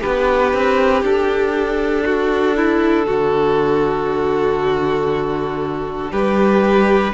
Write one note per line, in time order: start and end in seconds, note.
0.00 0.53 B3
0.00 7.13 D4
0.00 2.03 G4
0.00 1.03 B4
0.53 1.03 C4
1.03 3.06 D4
1.03 6.12 A4
2.05 2.56 F#4
2.56 3.06 E4
3.06 6.11 D3
3.06 6.11 F#4
6.11 7.13 G3
6.11 7.13 G4
6.11 7.13 B4